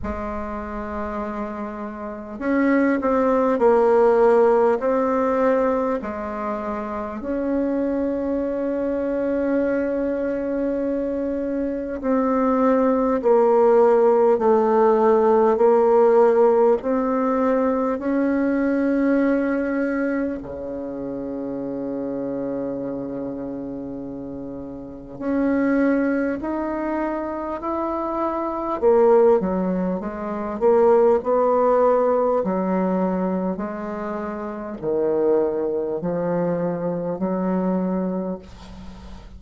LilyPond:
\new Staff \with { instrumentName = "bassoon" } { \time 4/4 \tempo 4 = 50 gis2 cis'8 c'8 ais4 | c'4 gis4 cis'2~ | cis'2 c'4 ais4 | a4 ais4 c'4 cis'4~ |
cis'4 cis2.~ | cis4 cis'4 dis'4 e'4 | ais8 fis8 gis8 ais8 b4 fis4 | gis4 dis4 f4 fis4 | }